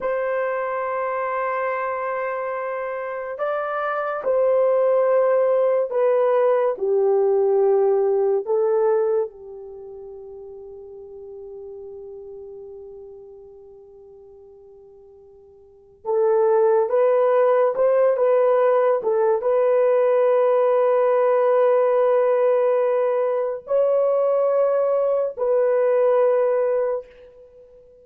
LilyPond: \new Staff \with { instrumentName = "horn" } { \time 4/4 \tempo 4 = 71 c''1 | d''4 c''2 b'4 | g'2 a'4 g'4~ | g'1~ |
g'2. a'4 | b'4 c''8 b'4 a'8 b'4~ | b'1 | cis''2 b'2 | }